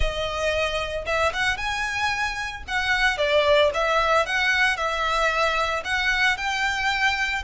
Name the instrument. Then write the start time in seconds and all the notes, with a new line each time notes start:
violin
0.00 D#5
1.06 E5
1.33 F#5
1.57 G#5
2.67 F#5
3.17 D5
3.74 E5
4.26 F#5
4.76 E5
5.84 F#5
6.37 G5